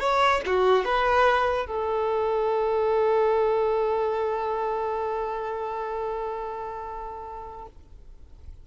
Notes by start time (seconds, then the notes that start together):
0.00 C#5
0.46 F#4
0.85 B4
1.67 A4